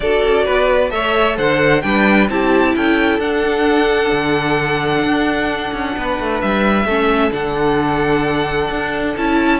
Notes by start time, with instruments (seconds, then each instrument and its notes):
0.00 cello D4, viola F#4, violin A4 D5
0.24 cello C#4
0.45 cello B3, violin B4
0.89 cello A3, viola A4, violin C#5 E5
1.36 cello D3, violin C5 F#5
1.81 cello G3, viola D4, violin B4 G5
2.29 cello C4, viola E4, violin G4 A5
2.75 cello C#4, violin A4 G5
3.18 cello D4, viola D4, violin F#5
4.11 cello D3
5.03 cello D4
5.73 cello C#4
5.96 cello B3, violin B4
6.19 cello A3
6.40 cello G3, violin E5
6.85 cello A3, viola C#4, violin A4
7.31 cello D3, viola D4, violin F#5
8.70 cello D4
9.17 cello C#4, viola E4, violin A5